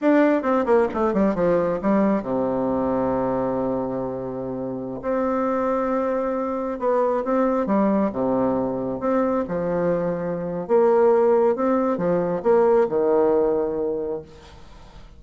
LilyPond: \new Staff \with { instrumentName = "bassoon" } { \time 4/4 \tempo 4 = 135 d'4 c'8 ais8 a8 g8 f4 | g4 c2.~ | c2.~ c16 c'8.~ | c'2.~ c'16 b8.~ |
b16 c'4 g4 c4.~ c16~ | c16 c'4 f2~ f8. | ais2 c'4 f4 | ais4 dis2. | }